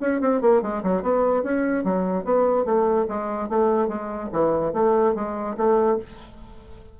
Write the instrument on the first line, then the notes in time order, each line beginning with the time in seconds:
bassoon
0.00 C#4
0.20 C4
0.41 A#3
0.62 G#3
0.83 F#3
1.02 B3
1.43 C#4
1.84 F#3
2.24 B3
2.65 A3
3.08 G#3
3.49 A3
3.88 G#3
4.32 E3
4.73 A3
5.14 G#3
5.57 A3